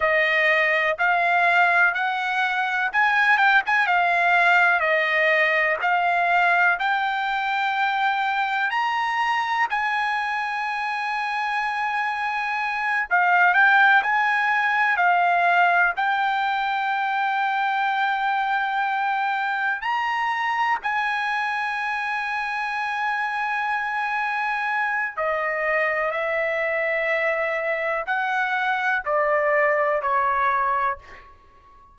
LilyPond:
\new Staff \with { instrumentName = "trumpet" } { \time 4/4 \tempo 4 = 62 dis''4 f''4 fis''4 gis''8 g''16 gis''16 | f''4 dis''4 f''4 g''4~ | g''4 ais''4 gis''2~ | gis''4. f''8 g''8 gis''4 f''8~ |
f''8 g''2.~ g''8~ | g''8 ais''4 gis''2~ gis''8~ | gis''2 dis''4 e''4~ | e''4 fis''4 d''4 cis''4 | }